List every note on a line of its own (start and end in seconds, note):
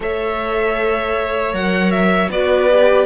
0.00 1.53 A3
0.00 1.52 A4
0.00 2.32 C#5
0.00 1.54 E5
1.52 2.29 F#3
1.52 2.29 A#4
1.52 1.90 F#5
1.90 2.29 E5
2.29 3.06 B3
2.29 2.69 F#4
2.29 3.06 B4
2.29 3.06 D5
2.70 3.06 G4